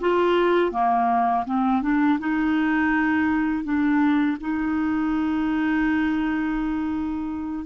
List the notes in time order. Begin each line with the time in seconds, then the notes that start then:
0.00 F4
0.72 A#3
1.45 C4
1.82 D4
2.19 D#4
3.64 D4
4.40 D#4